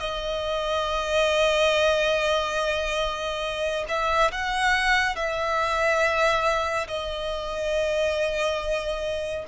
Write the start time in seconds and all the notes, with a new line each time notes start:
0.00 D#5
3.89 E5
4.32 F#5
5.16 E5
6.88 D#5